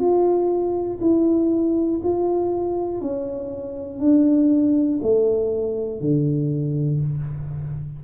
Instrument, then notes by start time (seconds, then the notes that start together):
tuba
0.00 F4
1.01 E4
2.04 F4
3.02 C#4
4.00 D4
5.02 A3
6.01 D3